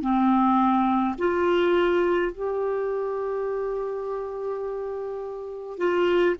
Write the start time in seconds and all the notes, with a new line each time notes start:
0.00 C4
1.18 F4
2.32 G4
5.77 F4